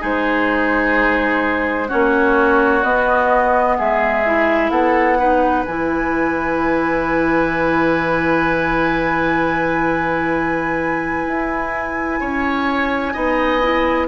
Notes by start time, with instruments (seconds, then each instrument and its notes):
0.00 bassoon G#3, clarinet D#4, oboe G#4, flute C5
1.88 bassoon A#3, clarinet C#4, oboe F#4, flute C#5
2.84 clarinet B3, bassoon B3, flute D#5
3.78 bassoon G#3, oboe G#4, flute E5
4.26 clarinet E4
4.70 bassoon B3, oboe A4, flute F#5
5.19 clarinet D#4, oboe B4
5.66 bassoon E3, clarinet E4, flute G#5
11.27 bassoon E4
12.21 bassoon C#4, oboe C#5
13.13 bassoon B3, clarinet D#4, oboe D#5
13.62 clarinet E4